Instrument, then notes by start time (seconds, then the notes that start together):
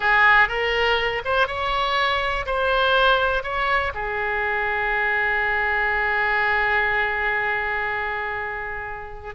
oboe
0.00 G#4
0.48 A#4
1.24 C5
1.47 C#5
2.46 C5
3.43 C#5
3.94 G#4